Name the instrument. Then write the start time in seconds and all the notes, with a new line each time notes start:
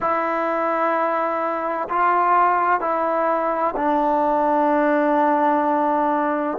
trombone
0.00 E4
1.89 F4
2.80 E4
3.76 D4